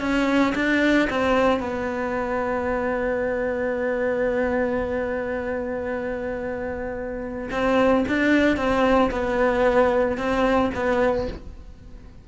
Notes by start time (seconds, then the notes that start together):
0.00 C#4
0.55 D4
1.09 C4
1.60 B3
7.51 C4
8.08 D4
8.56 C4
9.11 B3
10.17 C4
10.74 B3